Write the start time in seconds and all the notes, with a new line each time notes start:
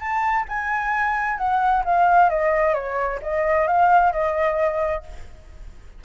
0.00 A5
0.49 G#5
1.38 F#5
1.85 F5
2.30 D#5
2.74 C#5
3.22 D#5
3.67 F5
4.12 D#5